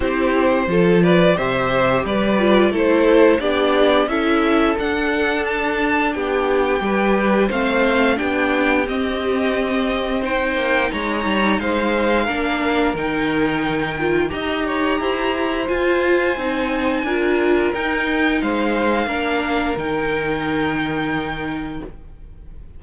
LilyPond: <<
  \new Staff \with { instrumentName = "violin" } { \time 4/4 \tempo 4 = 88 c''4. d''8 e''4 d''4 | c''4 d''4 e''4 fis''4 | a''4 g''2 f''4 | g''4 dis''2 g''4 |
ais''4 f''2 g''4~ | g''4 ais''2 gis''4~ | gis''2 g''4 f''4~ | f''4 g''2. | }
  \new Staff \with { instrumentName = "violin" } { \time 4/4 g'4 a'8 b'8 c''4 b'4 | a'4 g'4 a'2~ | a'4 g'4 b'4 c''4 | g'2. c''4 |
cis''4 c''4 ais'2~ | ais'4 dis''8 cis''8 c''2~ | c''4 ais'2 c''4 | ais'1 | }
  \new Staff \with { instrumentName = "viola" } { \time 4/4 e'4 f'4 g'4. f'8 | e'4 d'4 e'4 d'4~ | d'2 g'4 c'4 | d'4 c'2 dis'4~ |
dis'2 d'4 dis'4~ | dis'8 f'8 g'2 f'4 | dis'4 f'4 dis'2 | d'4 dis'2. | }
  \new Staff \with { instrumentName = "cello" } { \time 4/4 c'4 f4 c4 g4 | a4 b4 cis'4 d'4~ | d'4 b4 g4 a4 | b4 c'2~ c'8 ais8 |
gis8 g8 gis4 ais4 dis4~ | dis4 dis'4 e'4 f'4 | c'4 d'4 dis'4 gis4 | ais4 dis2. | }
>>